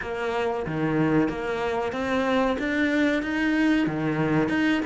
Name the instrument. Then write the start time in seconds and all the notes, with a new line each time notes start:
cello
0.01 A#3
0.66 D#3
1.28 A#3
1.92 C4
2.58 D4
3.22 D#4
3.87 D#3
4.48 D#4